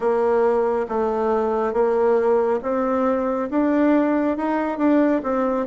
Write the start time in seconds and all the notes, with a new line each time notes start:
0.00 A#3
0.88 A3
1.73 A#3
2.62 C4
3.50 D4
4.37 D#4
4.77 D4
5.23 C4